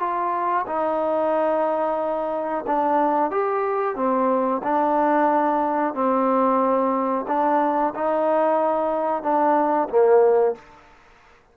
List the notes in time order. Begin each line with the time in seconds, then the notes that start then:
0.00 F4
0.67 D#4
2.67 D4
3.31 G4
3.96 C4
4.64 D4
5.94 C4
7.28 D4
7.95 D#4
9.23 D4
9.90 A#3